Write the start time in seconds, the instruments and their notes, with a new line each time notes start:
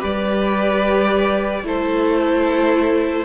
0.00 cello G3, viola G4, violin B4 D5
1.64 cello A3, viola E4, violin A4 C5